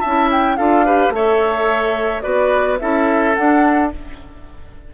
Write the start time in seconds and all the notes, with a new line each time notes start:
0.00 C#4 E4 E5 A5
0.31 G5
0.56 D4 F4 A4 F5
0.85 G4 B4
1.09 A3 A4 C#5 E5
2.22 B3 F#4 B4 D5
2.79 C#4 E4 A4 E5
3.34 D4 F#5